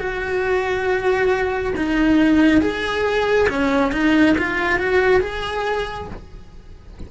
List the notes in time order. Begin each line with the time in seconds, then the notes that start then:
0.00 F#4
1.77 D#4
2.61 G#4
3.49 C#4
3.92 D#4
4.38 F4
4.79 F#4
5.21 G#4